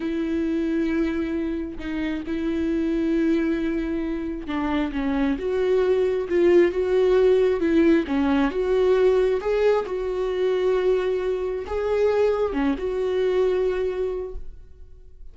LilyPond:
\new Staff \with { instrumentName = "viola" } { \time 4/4 \tempo 4 = 134 e'1 | dis'4 e'2.~ | e'2 d'4 cis'4 | fis'2 f'4 fis'4~ |
fis'4 e'4 cis'4 fis'4~ | fis'4 gis'4 fis'2~ | fis'2 gis'2 | cis'8 fis'2.~ fis'8 | }